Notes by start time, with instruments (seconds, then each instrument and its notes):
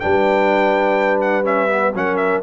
0.00 tuba G3, trombone D4, horn B4, trumpet G5
1.21 trumpet F#5
1.44 trombone C#4, trumpet E5
1.69 trombone B3
1.94 tuba F#3, trombone C#4, horn A#4, trumpet F#5
2.17 trumpet E5